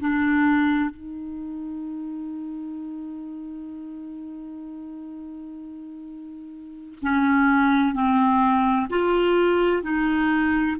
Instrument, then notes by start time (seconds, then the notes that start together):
clarinet
0.00 D4
0.90 D#4
7.02 C#4
7.94 C4
8.90 F4
9.83 D#4